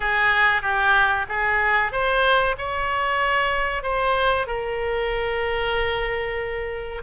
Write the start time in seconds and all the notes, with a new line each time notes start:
0.00 G#4
0.62 G4
1.29 G#4
1.91 C5
2.58 C#5
3.83 C5
4.47 A#4